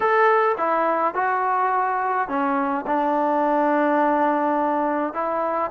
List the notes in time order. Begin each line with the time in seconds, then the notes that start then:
0.00 A4
0.57 E4
1.14 F#4
2.28 C#4
2.86 D4
5.13 E4